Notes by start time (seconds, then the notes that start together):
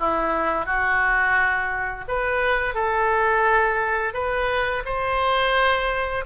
0.00 E4
0.66 F#4
2.08 B4
2.75 A4
4.14 B4
4.86 C5